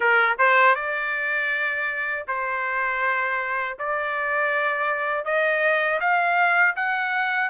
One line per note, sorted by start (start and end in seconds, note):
0.00 0.36 A#4
0.38 0.75 C5
0.75 2.25 D5
2.27 3.77 C5
3.78 5.24 D5
5.24 5.99 D#5
6.00 6.75 F5
6.76 7.49 F#5